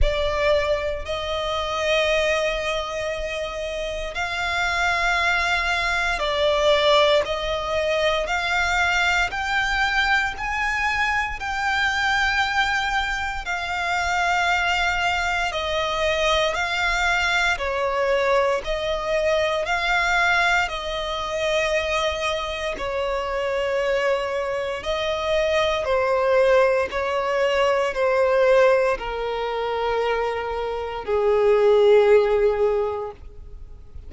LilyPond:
\new Staff \with { instrumentName = "violin" } { \time 4/4 \tempo 4 = 58 d''4 dis''2. | f''2 d''4 dis''4 | f''4 g''4 gis''4 g''4~ | g''4 f''2 dis''4 |
f''4 cis''4 dis''4 f''4 | dis''2 cis''2 | dis''4 c''4 cis''4 c''4 | ais'2 gis'2 | }